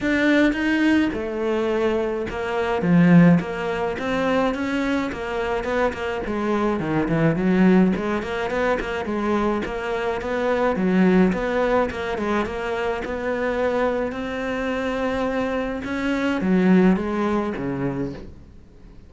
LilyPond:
\new Staff \with { instrumentName = "cello" } { \time 4/4 \tempo 4 = 106 d'4 dis'4 a2 | ais4 f4 ais4 c'4 | cis'4 ais4 b8 ais8 gis4 | dis8 e8 fis4 gis8 ais8 b8 ais8 |
gis4 ais4 b4 fis4 | b4 ais8 gis8 ais4 b4~ | b4 c'2. | cis'4 fis4 gis4 cis4 | }